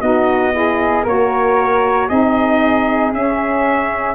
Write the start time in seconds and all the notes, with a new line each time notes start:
0.00 B3 D#4 F#4 D#5
0.52 E4 G#4
1.04 A#3 F#4 A#4 C#5
2.08 C4 D#4 G#4 D#5
3.13 C#4 E5